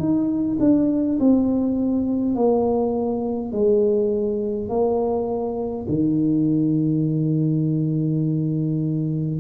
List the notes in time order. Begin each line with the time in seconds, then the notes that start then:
0.00 D#4
0.60 D4
1.20 C4
2.36 A#3
3.52 G#3
4.69 A#3
5.89 D#3